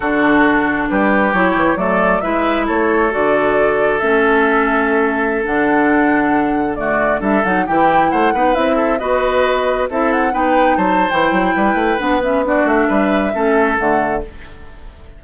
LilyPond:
<<
  \new Staff \with { instrumentName = "flute" } { \time 4/4 \tempo 4 = 135 a'2 b'4 cis''4 | d''4 e''4 cis''4 d''4~ | d''4 e''2.~ | e''16 fis''2. d''8.~ |
d''16 e''8 fis''8 g''4 fis''4 e''8.~ | e''16 dis''2 e''8 fis''8 g''8.~ | g''16 a''8. g''2 fis''8 e''8 | d''8 e''2~ e''8 fis''4 | }
  \new Staff \with { instrumentName = "oboe" } { \time 4/4 fis'2 g'2 | a'4 b'4 a'2~ | a'1~ | a'2.~ a'16 fis'8.~ |
fis'16 a'4 g'4 c''8 b'4 a'16~ | a'16 b'2 a'4 b'8.~ | b'16 c''4.~ c''16 b'2 | fis'4 b'4 a'2 | }
  \new Staff \with { instrumentName = "clarinet" } { \time 4/4 d'2. e'4 | a4 e'2 fis'4~ | fis'4 cis'2.~ | cis'16 d'2. a8.~ |
a16 d'8 dis'8 e'4. dis'8 e'8.~ | e'16 fis'2 e'4 dis'8.~ | dis'4 e'2 d'8 cis'8 | d'2 cis'4 a4 | }
  \new Staff \with { instrumentName = "bassoon" } { \time 4/4 d2 g4 fis8 e8 | fis4 gis4 a4 d4~ | d4 a2.~ | a16 d2.~ d8.~ |
d16 g8 fis8 e4 a8 b8 c'8.~ | c'16 b2 c'4 b8.~ | b16 fis8. e8 fis8 g8 a8 b4~ | b8 a8 g4 a4 d4 | }
>>